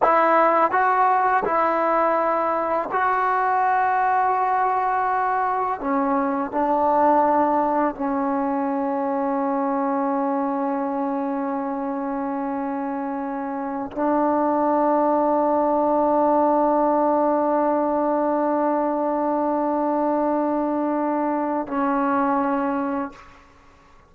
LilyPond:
\new Staff \with { instrumentName = "trombone" } { \time 4/4 \tempo 4 = 83 e'4 fis'4 e'2 | fis'1 | cis'4 d'2 cis'4~ | cis'1~ |
cis'2.~ cis'16 d'8.~ | d'1~ | d'1~ | d'2 cis'2 | }